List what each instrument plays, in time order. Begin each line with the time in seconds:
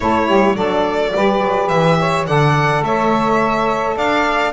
0.00 double bass A3, saxophone E4 A4, violin C#5
0.27 double bass G3, saxophone G4
0.55 double bass F#3, saxophone D4 A4, violin D5
1.14 double bass G3, saxophone G4 B4
1.42 double bass F#3
1.68 double bass E3, violin E5
1.99 saxophone C#5
2.26 double bass D3, saxophone A4 D5, violin F#5
2.81 double bass A3, saxophone C#5, violin E5
3.96 double bass D4, saxophone D5, violin F5